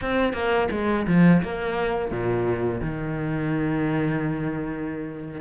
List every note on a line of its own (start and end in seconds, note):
0.01 0.33 C4
0.33 0.68 A#3
0.71 1.06 G#3
1.07 1.42 F3
1.42 2.11 A#3
2.11 2.80 A#2
2.80 5.40 D#3